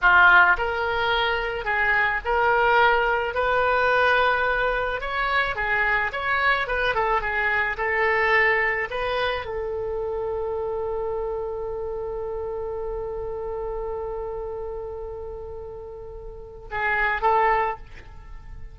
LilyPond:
\new Staff \with { instrumentName = "oboe" } { \time 4/4 \tempo 4 = 108 f'4 ais'2 gis'4 | ais'2 b'2~ | b'4 cis''4 gis'4 cis''4 | b'8 a'8 gis'4 a'2 |
b'4 a'2.~ | a'1~ | a'1~ | a'2 gis'4 a'4 | }